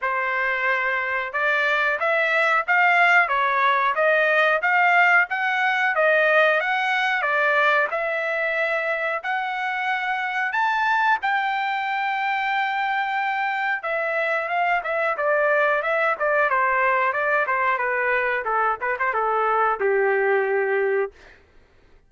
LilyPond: \new Staff \with { instrumentName = "trumpet" } { \time 4/4 \tempo 4 = 91 c''2 d''4 e''4 | f''4 cis''4 dis''4 f''4 | fis''4 dis''4 fis''4 d''4 | e''2 fis''2 |
a''4 g''2.~ | g''4 e''4 f''8 e''8 d''4 | e''8 d''8 c''4 d''8 c''8 b'4 | a'8 b'16 c''16 a'4 g'2 | }